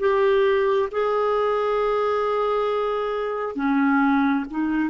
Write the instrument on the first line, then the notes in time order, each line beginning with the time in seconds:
clarinet
0.00 G4
0.92 G#4
3.56 C#4
4.51 D#4